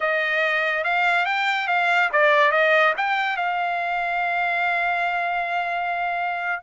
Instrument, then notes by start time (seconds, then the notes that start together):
trumpet
0.00 D#5
0.84 F5
1.25 G5
1.67 F5
2.12 D5
2.51 D#5
2.97 G5
3.36 F5